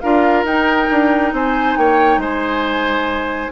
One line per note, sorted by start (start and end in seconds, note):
0.00 0.44 D4
0.00 0.46 F4
0.00 1.34 A#4
0.00 0.44 F5
0.44 0.87 D#4
0.44 3.52 D#4
0.44 1.34 G5
0.91 1.32 D4
1.32 1.76 C4
1.32 1.78 C5
1.32 1.77 G#5
1.77 2.17 A#3
1.77 2.21 C#5
1.77 2.21 G5
2.17 3.49 G#3
2.17 3.52 C5
2.17 3.52 G#5